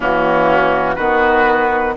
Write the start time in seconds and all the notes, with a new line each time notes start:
0.00 E3 A#3 C#4 F#4
0.95 D#3 B3 F#4 B4